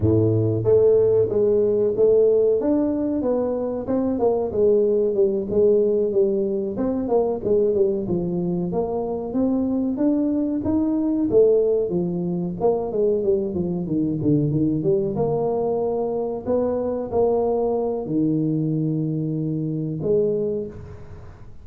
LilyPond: \new Staff \with { instrumentName = "tuba" } { \time 4/4 \tempo 4 = 93 a,4 a4 gis4 a4 | d'4 b4 c'8 ais8 gis4 | g8 gis4 g4 c'8 ais8 gis8 | g8 f4 ais4 c'4 d'8~ |
d'8 dis'4 a4 f4 ais8 | gis8 g8 f8 dis8 d8 dis8 g8 ais8~ | ais4. b4 ais4. | dis2. gis4 | }